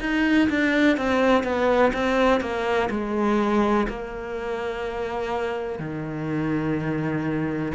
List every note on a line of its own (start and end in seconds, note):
0.00 0.48 D#4
0.49 0.97 D4
0.97 1.43 C4
1.43 1.92 B3
1.93 2.41 C4
2.41 2.89 A#3
2.90 3.87 G#3
3.88 5.79 A#3
5.79 7.72 D#3